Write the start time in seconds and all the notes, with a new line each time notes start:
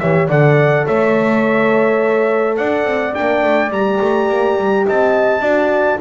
0.00 E3 G4 C#5 E5
0.29 D3 A4 D5 F#5
0.87 A3 C#5 E5
2.57 D4 D5 F#5
2.85 C4
3.15 A#3 D4 G5
3.44 A3
3.71 G3 A#5
3.77 G4
4.01 A3
4.30 A#3
4.58 G3
4.87 C4 D#5 A5
5.40 D4 F#4 D5